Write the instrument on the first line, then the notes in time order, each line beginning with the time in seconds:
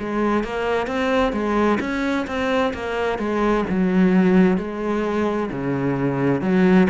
cello
0.00 G#3
0.44 A#3
0.88 C4
1.33 G#3
1.81 C#4
2.27 C4
2.74 A#3
3.19 G#3
3.70 F#3
4.58 G#3
5.52 C#3
6.42 F#3